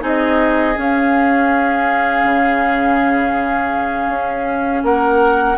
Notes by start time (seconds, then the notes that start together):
0.00 C4 D#4 G#4 D#5
0.76 C#4 F5
2.24 C#3
4.08 C#4
4.83 A#3 A#4 F#5